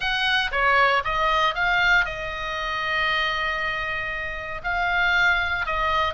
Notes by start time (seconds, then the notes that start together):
0.00 F#5
0.51 C#5
1.04 D#5
1.55 F5
2.05 D#5
4.63 F5
5.65 D#5